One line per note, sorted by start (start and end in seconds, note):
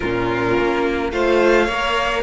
0.00 0.57 A#2
0.00 1.12 C#4
0.00 1.11 F4
0.00 1.11 A#4
0.57 1.12 A#3
1.12 1.68 A3
1.12 1.68 F4
1.12 1.65 C5
1.12 2.22 F5
1.65 2.22 A#3
1.65 2.21 C#5
1.71 2.22 A#4